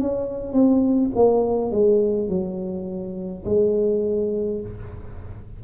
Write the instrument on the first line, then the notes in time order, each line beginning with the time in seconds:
tuba
0.00 C#4
0.53 C4
1.15 A#3
1.72 G#3
2.29 F#3
3.46 G#3